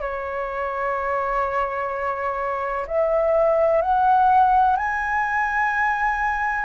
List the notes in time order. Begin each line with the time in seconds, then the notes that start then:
0.00 C#5
2.87 E5
3.81 F#5
4.76 G#5